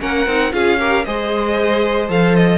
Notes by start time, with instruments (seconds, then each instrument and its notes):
0.00 cello A#3, viola C#4, violin A#4 F#5
0.27 cello C4, viola D#4
0.53 cello C#4, viola F4, violin G#4 F5
0.80 viola G4, violin A#4
1.05 cello G#3, viola G#4, violin C5 D#5
2.09 cello F3, viola A4, violin F5
2.36 violin D#5